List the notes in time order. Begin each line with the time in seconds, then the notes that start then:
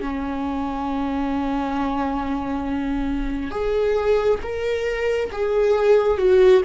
0.00 C#4
3.51 G#4
4.42 A#4
5.31 G#4
6.17 F#4